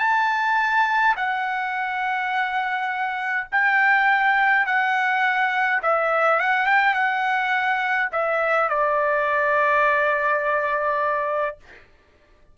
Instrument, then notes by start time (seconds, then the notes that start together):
trumpet
0.00 A5
1.17 F#5
3.52 G5
4.66 F#5
5.83 E5
6.40 F#5
6.67 G5
6.94 F#5
8.12 E5
8.70 D5